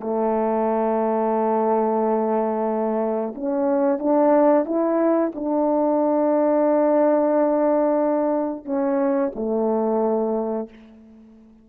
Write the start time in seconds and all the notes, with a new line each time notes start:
0.00 A3
3.35 C#4
3.98 D4
4.65 E4
5.35 D4
8.65 C#4
9.35 A3